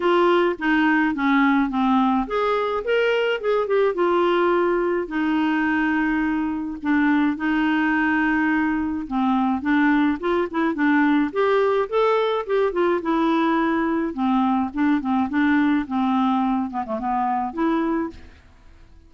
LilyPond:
\new Staff \with { instrumentName = "clarinet" } { \time 4/4 \tempo 4 = 106 f'4 dis'4 cis'4 c'4 | gis'4 ais'4 gis'8 g'8 f'4~ | f'4 dis'2. | d'4 dis'2. |
c'4 d'4 f'8 e'8 d'4 | g'4 a'4 g'8 f'8 e'4~ | e'4 c'4 d'8 c'8 d'4 | c'4. b16 a16 b4 e'4 | }